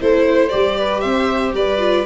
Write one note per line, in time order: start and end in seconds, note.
0.00 0.53 A3
0.00 0.49 E4
0.00 0.26 A4
0.00 0.49 C5
0.28 0.78 C5
0.49 1.04 G3
0.49 1.79 G4
0.49 1.00 D5
0.78 1.02 B4
1.00 1.54 C4
1.00 1.54 C5
1.00 1.52 E5
1.54 2.05 G3
1.54 2.05 B4
1.54 2.05 D5
1.79 2.05 F4